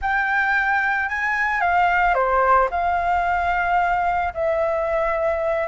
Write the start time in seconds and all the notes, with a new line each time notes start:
0.01 G5
1.09 G#5
1.60 F5
2.14 C5
2.71 F5
4.33 E5